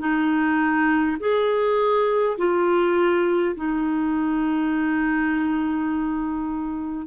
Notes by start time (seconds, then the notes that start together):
0.00 D#4
1.20 G#4
2.39 F4
3.56 D#4